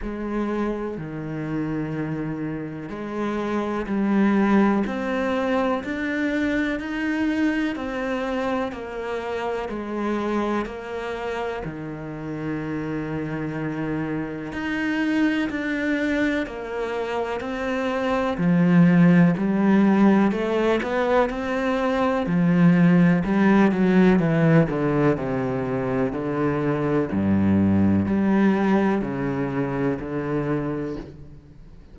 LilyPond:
\new Staff \with { instrumentName = "cello" } { \time 4/4 \tempo 4 = 62 gis4 dis2 gis4 | g4 c'4 d'4 dis'4 | c'4 ais4 gis4 ais4 | dis2. dis'4 |
d'4 ais4 c'4 f4 | g4 a8 b8 c'4 f4 | g8 fis8 e8 d8 c4 d4 | g,4 g4 cis4 d4 | }